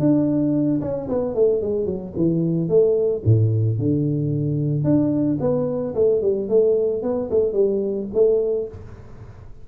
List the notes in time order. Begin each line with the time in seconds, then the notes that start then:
0.00 D4
0.82 C#4
1.09 B3
1.35 A3
1.62 G#3
1.86 F#3
2.17 E3
2.69 A3
3.25 A2
3.79 D3
4.84 D4
5.41 B3
5.95 A3
6.22 G3
6.49 A3
7.03 B3
7.31 A3
7.53 G3
8.14 A3